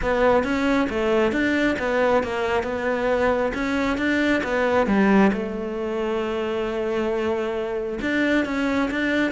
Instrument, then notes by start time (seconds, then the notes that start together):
cello
0.02 B3
0.43 C#4
0.89 A3
1.32 D4
1.78 B3
2.23 A#3
2.63 B3
3.53 C#4
3.97 D4
4.43 B3
4.86 G3
5.32 A3
8.01 D4
8.45 C#4
8.90 D4